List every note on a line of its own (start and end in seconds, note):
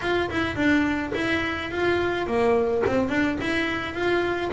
0.01 0.30 F4
0.30 0.55 E4
0.55 1.12 D4
1.14 1.71 E4
1.71 2.26 F4
2.26 2.83 A#3
2.86 3.09 C4
3.09 3.37 D4
3.40 3.94 E4
3.94 4.51 F4